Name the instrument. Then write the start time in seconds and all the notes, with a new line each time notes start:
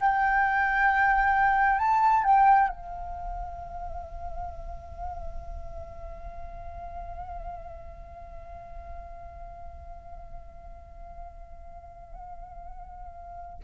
flute
0.00 G5
1.79 A5
2.24 G5
2.69 F5